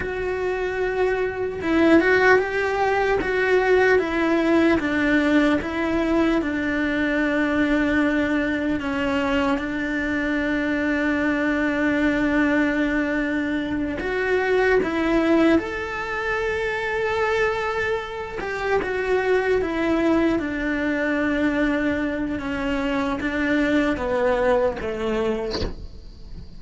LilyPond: \new Staff \with { instrumentName = "cello" } { \time 4/4 \tempo 4 = 75 fis'2 e'8 fis'8 g'4 | fis'4 e'4 d'4 e'4 | d'2. cis'4 | d'1~ |
d'4. fis'4 e'4 a'8~ | a'2. g'8 fis'8~ | fis'8 e'4 d'2~ d'8 | cis'4 d'4 b4 a4 | }